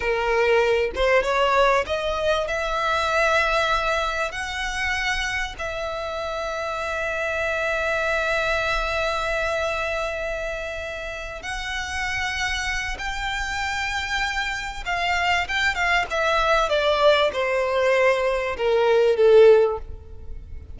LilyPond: \new Staff \with { instrumentName = "violin" } { \time 4/4 \tempo 4 = 97 ais'4. c''8 cis''4 dis''4 | e''2. fis''4~ | fis''4 e''2.~ | e''1~ |
e''2~ e''8 fis''4.~ | fis''4 g''2. | f''4 g''8 f''8 e''4 d''4 | c''2 ais'4 a'4 | }